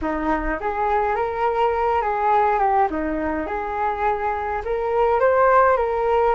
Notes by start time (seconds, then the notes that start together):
0.01 D#4
0.60 G#4
1.15 A#4
2.01 G#4
2.59 G4
2.90 D#4
3.46 G#4
4.64 A#4
5.19 C5
5.77 A#4